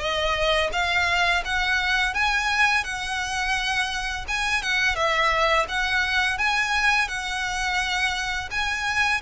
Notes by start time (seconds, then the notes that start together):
0.00 D#5
0.73 F5
1.45 F#5
2.15 G#5
2.85 F#5
4.28 G#5
4.63 F#5
4.96 E5
5.69 F#5
6.38 G#5
7.08 F#5
8.51 G#5